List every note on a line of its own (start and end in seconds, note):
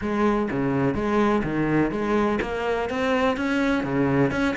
0.01 0.49 G#3
0.51 0.94 C#3
0.94 1.42 G#3
1.43 1.91 D#3
1.91 2.39 G#3
2.41 2.89 A#3
2.89 3.36 C4
3.36 3.83 C#4
3.83 4.31 C#3
4.31 4.55 C#4